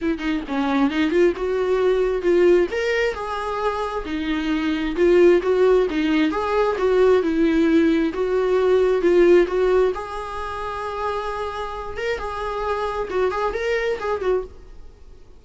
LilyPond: \new Staff \with { instrumentName = "viola" } { \time 4/4 \tempo 4 = 133 e'8 dis'8 cis'4 dis'8 f'8 fis'4~ | fis'4 f'4 ais'4 gis'4~ | gis'4 dis'2 f'4 | fis'4 dis'4 gis'4 fis'4 |
e'2 fis'2 | f'4 fis'4 gis'2~ | gis'2~ gis'8 ais'8 gis'4~ | gis'4 fis'8 gis'8 ais'4 gis'8 fis'8 | }